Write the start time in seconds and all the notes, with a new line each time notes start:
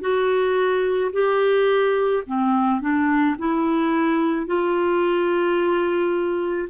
0.00 F#4
1.12 G4
2.26 C4
2.81 D4
3.38 E4
4.46 F4